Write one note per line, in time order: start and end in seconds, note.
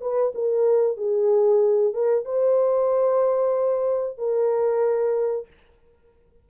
0.00 0.32 B4
0.34 0.96 A#4
0.96 1.93 G#4
1.93 2.25 A#4
2.25 4.18 C5
4.18 5.47 A#4